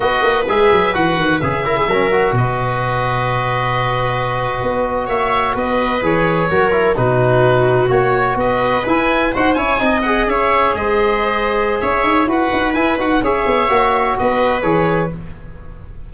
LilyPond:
<<
  \new Staff \with { instrumentName = "oboe" } { \time 4/4 \tempo 4 = 127 dis''4 e''4 fis''4 e''4~ | e''4 dis''2.~ | dis''2~ dis''8. e''4 dis''16~ | dis''8. cis''2 b'4~ b'16~ |
b'8. cis''4 dis''4 gis''4 fis''16~ | fis''16 gis''4 fis''8 e''4 dis''4~ dis''16~ | dis''4 e''4 fis''4 gis''8 fis''8 | e''2 dis''4 cis''4 | }
  \new Staff \with { instrumentName = "viola" } { \time 4/4 b'2.~ b'8 ais'16 gis'16 | ais'4 b'2.~ | b'2~ b'8. cis''4 b'16~ | b'4.~ b'16 ais'4 fis'4~ fis'16~ |
fis'4.~ fis'16 b'2 c''16~ | c''16 cis''8 dis''4 cis''4 c''4~ c''16~ | c''4 cis''4 b'2 | cis''2 b'2 | }
  \new Staff \with { instrumentName = "trombone" } { \time 4/4 fis'4 gis'4 fis'4 gis'8 e'8 | cis'8 fis'2.~ fis'8~ | fis'1~ | fis'8. gis'4 fis'8 e'8 dis'4~ dis'16~ |
dis'8. fis'2 e'4 fis'16~ | fis'16 e'8 dis'8 gis'2~ gis'8.~ | gis'2 fis'4 e'8 fis'8 | gis'4 fis'2 gis'4 | }
  \new Staff \with { instrumentName = "tuba" } { \time 4/4 b8 ais8 gis8 fis8 e8 dis8 cis4 | fis4 b,2.~ | b,4.~ b,16 b4 ais4 b16~ | b8. e4 fis4 b,4~ b,16~ |
b,8. ais4 b4 e'4 dis'16~ | dis'16 cis'8 c'4 cis'4 gis4~ gis16~ | gis4 cis'8 dis'8 e'8 dis'8 e'8 dis'8 | cis'8 b8 ais4 b4 e4 | }
>>